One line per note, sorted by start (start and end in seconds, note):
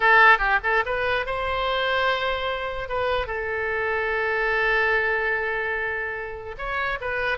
0.00 0.38 A4
0.38 0.59 G4
0.63 0.83 A4
0.85 1.26 B4
1.26 2.88 C5
2.88 3.27 B4
3.27 6.55 A4
6.58 6.99 C#5
7.00 7.38 B4